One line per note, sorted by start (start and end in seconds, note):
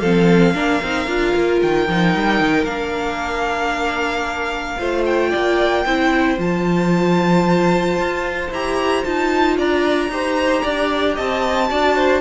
0.00 0.53 F3
0.00 0.54 C4
0.00 0.54 A4
0.00 1.59 F5
0.53 0.79 A#3
0.53 0.80 D4
0.53 4.79 A#4
0.82 1.07 C4
0.82 1.06 D#4
1.06 1.33 D4
1.06 1.86 F4
1.35 1.61 A#3
1.62 1.88 D#3
1.62 2.64 G5
1.88 2.15 F3
1.88 2.66 D#4
2.15 2.40 G3
2.40 2.63 D#3
2.63 4.76 A#3
2.63 4.78 D4
2.63 5.03 F5
4.78 5.33 A3
4.78 5.85 F4
4.78 5.30 C5
5.05 6.38 G5
5.30 5.85 A#3
5.30 5.83 D5
5.85 6.38 C4
5.85 6.37 E4
5.85 9.57 C5
6.37 7.97 F3
6.37 8.49 F4
6.37 8.52 A5
7.97 8.50 F4
8.51 9.04 E4
8.51 9.04 G4
8.51 9.04 A#5
9.04 9.57 D#4
9.04 10.10 F4
9.04 9.57 A5
9.57 10.09 D4
9.57 10.10 D5
9.57 11.17 A#5
10.09 10.62 D#4
10.09 11.69 G4
10.09 10.62 C5
10.62 11.18 D4
10.62 11.14 D5
11.14 11.70 C4
11.14 11.67 D#5
11.14 12.20 A5
11.69 12.20 D4
11.69 12.20 F#4
11.69 11.95 D5
11.95 12.20 C5